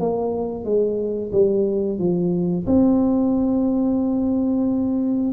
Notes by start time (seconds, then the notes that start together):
0.00 A#3
0.65 G#3
1.32 G3
1.99 F3
2.67 C4